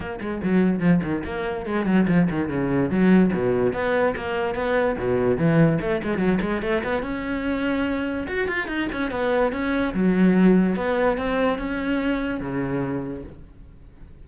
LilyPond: \new Staff \with { instrumentName = "cello" } { \time 4/4 \tempo 4 = 145 ais8 gis8 fis4 f8 dis8 ais4 | gis8 fis8 f8 dis8 cis4 fis4 | b,4 b4 ais4 b4 | b,4 e4 a8 gis8 fis8 gis8 |
a8 b8 cis'2. | fis'8 f'8 dis'8 cis'8 b4 cis'4 | fis2 b4 c'4 | cis'2 cis2 | }